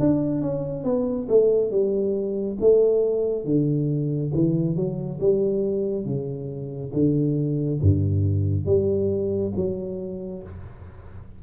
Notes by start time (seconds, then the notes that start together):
0.00 D4
0.42 C#4
0.85 B3
1.29 A3
1.71 G3
2.61 A3
3.45 D3
4.34 E3
4.77 F#3
5.20 G3
6.06 C#3
6.94 D3
7.82 G2
8.66 G3
9.57 F#3